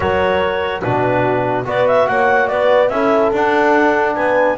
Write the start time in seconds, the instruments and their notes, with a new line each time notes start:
0.00 double bass F#3, trombone F#4, horn A#4, clarinet C#5
0.81 double bass B2, trombone D4, horn F#4, clarinet B4
1.64 double bass B3, trombone F#4, horn B4, clarinet D5
1.87 clarinet E5
2.07 double bass A#3, horn C#5, clarinet F#5
2.47 double bass B3, horn B4, clarinet D5
2.88 double bass C#4, trombone E4, horn A4, clarinet E5
3.32 double bass D4, trombone D4, clarinet F#5
4.15 double bass B3, horn B4, clarinet G#5